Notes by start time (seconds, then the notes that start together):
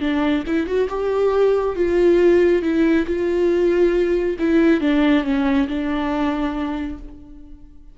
0.00 D4
0.46 E4
0.66 F#4
0.89 G4
1.76 F4
2.62 E4
3.06 F4
4.39 E4
4.80 D4
5.24 C#4
5.67 D4